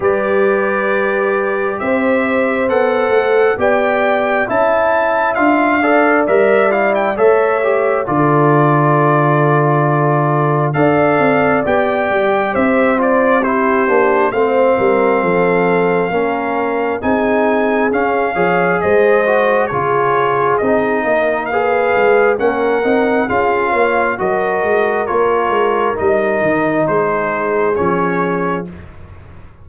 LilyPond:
<<
  \new Staff \with { instrumentName = "trumpet" } { \time 4/4 \tempo 4 = 67 d''2 e''4 fis''4 | g''4 a''4 f''4 e''8 f''16 g''16 | e''4 d''2. | f''4 g''4 e''8 d''8 c''4 |
f''2. gis''4 | f''4 dis''4 cis''4 dis''4 | f''4 fis''4 f''4 dis''4 | cis''4 dis''4 c''4 cis''4 | }
  \new Staff \with { instrumentName = "horn" } { \time 4/4 b'2 c''2 | d''4 e''4. d''4. | cis''4 a'2. | d''2 c''4 g'4 |
c''8 ais'8 a'4 ais'4 gis'4~ | gis'8 cis''8 c''4 gis'4. ais'8 | b'4 ais'4 gis'8 cis''8 ais'4~ | ais'2 gis'2 | }
  \new Staff \with { instrumentName = "trombone" } { \time 4/4 g'2. a'4 | g'4 e'4 f'8 a'8 ais'8 e'8 | a'8 g'8 f'2. | a'4 g'4. f'8 e'8 d'8 |
c'2 cis'4 dis'4 | cis'8 gis'4 fis'8 f'4 dis'4 | gis'4 cis'8 dis'8 f'4 fis'4 | f'4 dis'2 cis'4 | }
  \new Staff \with { instrumentName = "tuba" } { \time 4/4 g2 c'4 b8 a8 | b4 cis'4 d'4 g4 | a4 d2. | d'8 c'8 b8 g8 c'4. ais8 |
a8 g8 f4 ais4 c'4 | cis'8 f8 gis4 cis4 c'8 ais8~ | ais8 gis8 ais8 c'8 cis'8 ais8 fis8 gis8 | ais8 gis8 g8 dis8 gis4 f4 | }
>>